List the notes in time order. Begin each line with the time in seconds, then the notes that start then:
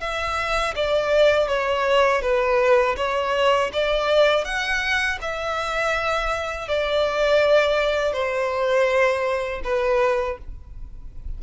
0.00 E5
0.75 D5
1.47 C#5
2.22 B4
2.96 C#5
3.73 D5
4.44 F#5
5.21 E5
6.68 D5
8.13 C5
9.63 B4